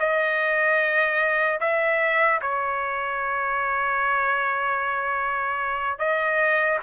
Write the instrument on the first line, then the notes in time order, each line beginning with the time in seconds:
trumpet
0.00 D#5
1.61 E5
2.42 C#5
5.99 D#5